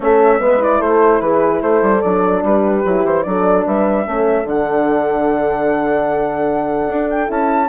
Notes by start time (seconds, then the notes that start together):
0.00 A3 C#4 A4 E5
0.39 G#3 B3 B4
0.58 E4 D5
0.79 A3 A4 C5
1.20 E3 G#4 B4
1.61 A3 A4 C5
1.82 G3
2.01 F#3 D4 D5
2.42 G3 G4 B4
2.85 F#3 E4
3.04 E3 C5
3.22 F#3 D4 A4 D5
3.66 G3 B4 E5
4.05 A3 C#4 A4
4.43 D3 D4 F#5
6.87 D4
7.09 G5
7.26 C#4 E4 A5